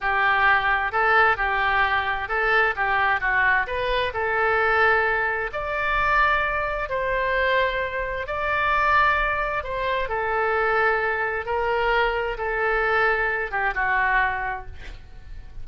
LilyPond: \new Staff \with { instrumentName = "oboe" } { \time 4/4 \tempo 4 = 131 g'2 a'4 g'4~ | g'4 a'4 g'4 fis'4 | b'4 a'2. | d''2. c''4~ |
c''2 d''2~ | d''4 c''4 a'2~ | a'4 ais'2 a'4~ | a'4. g'8 fis'2 | }